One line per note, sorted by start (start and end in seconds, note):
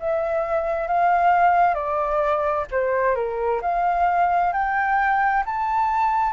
0.00 0.88 E5
0.88 1.75 F5
1.75 2.66 D5
2.72 3.16 C5
3.16 3.61 A#4
3.62 4.53 F5
4.53 5.44 G5
5.46 6.33 A5